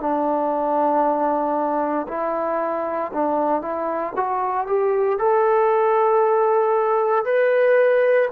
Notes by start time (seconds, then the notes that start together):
0.00 D4
2.08 E4
3.14 D4
3.62 E4
4.16 F#4
4.67 G4
5.19 A4
7.25 B4